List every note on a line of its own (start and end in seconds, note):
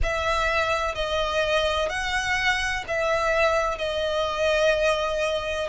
0.03 0.94 E5
0.94 1.89 D#5
1.89 2.84 F#5
2.87 3.78 E5
3.78 5.68 D#5